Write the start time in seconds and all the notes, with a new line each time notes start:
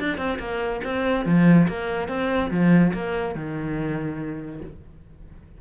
0.00 D4
0.18 C4
0.39 A#3
0.84 C4
1.26 F3
1.68 A#3
2.09 C4
2.51 F3
2.94 A#3
3.35 D#3